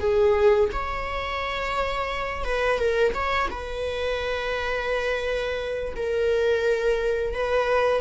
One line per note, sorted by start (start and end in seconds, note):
0.00 0.70 G#4
0.73 2.45 C#5
2.45 2.79 B4
2.79 3.14 A#4
3.14 3.49 C#5
3.51 5.95 B4
5.97 7.34 A#4
7.34 8.01 B4